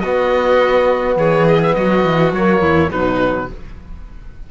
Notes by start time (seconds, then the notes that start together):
0.00 B3 F#4 D#5
1.17 E3 G#4 C#5
1.48 D#5
1.63 E5
1.75 F#3 F#4 D#5
2.05 E3
2.32 F#3 A#3 C#5
2.62 E2 E4
2.91 B2 F#3 D#4 B4